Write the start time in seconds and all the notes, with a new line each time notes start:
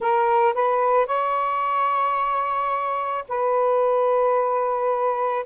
0.00 A#4
0.54 B4
1.06 C#5
3.28 B4